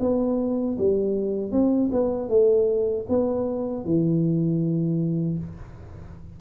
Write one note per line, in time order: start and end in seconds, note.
0.00 0.77 B3
0.78 1.51 G3
1.51 1.90 C4
1.92 2.29 B3
2.29 3.06 A3
3.09 3.85 B3
3.85 5.38 E3